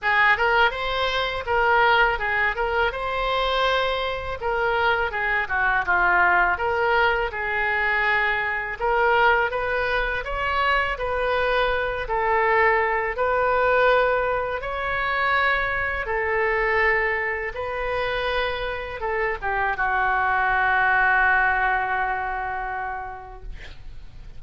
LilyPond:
\new Staff \with { instrumentName = "oboe" } { \time 4/4 \tempo 4 = 82 gis'8 ais'8 c''4 ais'4 gis'8 ais'8 | c''2 ais'4 gis'8 fis'8 | f'4 ais'4 gis'2 | ais'4 b'4 cis''4 b'4~ |
b'8 a'4. b'2 | cis''2 a'2 | b'2 a'8 g'8 fis'4~ | fis'1 | }